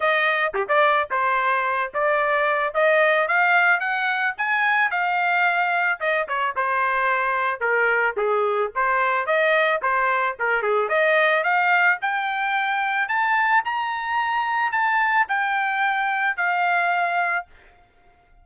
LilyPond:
\new Staff \with { instrumentName = "trumpet" } { \time 4/4 \tempo 4 = 110 dis''4 g'16 d''8. c''4. d''8~ | d''4 dis''4 f''4 fis''4 | gis''4 f''2 dis''8 cis''8 | c''2 ais'4 gis'4 |
c''4 dis''4 c''4 ais'8 gis'8 | dis''4 f''4 g''2 | a''4 ais''2 a''4 | g''2 f''2 | }